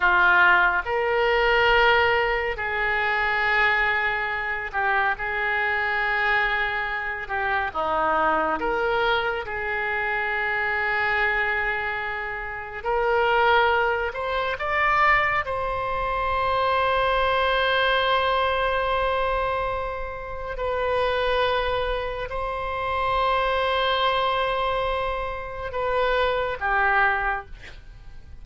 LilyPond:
\new Staff \with { instrumentName = "oboe" } { \time 4/4 \tempo 4 = 70 f'4 ais'2 gis'4~ | gis'4. g'8 gis'2~ | gis'8 g'8 dis'4 ais'4 gis'4~ | gis'2. ais'4~ |
ais'8 c''8 d''4 c''2~ | c''1 | b'2 c''2~ | c''2 b'4 g'4 | }